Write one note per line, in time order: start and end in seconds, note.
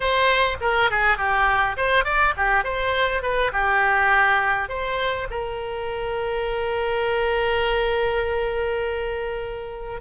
0.00 0.57 C5
0.60 0.90 A#4
0.90 1.17 G#4
1.17 1.76 G4
1.76 2.04 C5
2.04 2.33 D5
2.36 2.64 G4
2.64 3.22 C5
3.22 3.51 B4
3.52 4.68 G4
4.68 5.27 C5
5.30 10.00 A#4